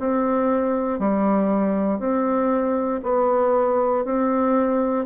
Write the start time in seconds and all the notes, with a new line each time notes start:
0.00 C4
1.00 G3
2.00 C4
3.04 B3
4.05 C4